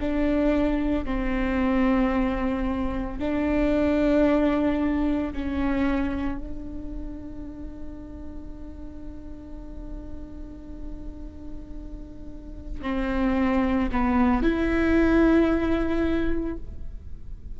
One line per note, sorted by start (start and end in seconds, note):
0.00 1.04 D4
1.04 3.19 C4
3.19 5.33 D4
5.33 6.38 C#4
6.38 12.81 D4
12.82 13.89 C4
13.91 14.43 B3
14.43 16.57 E4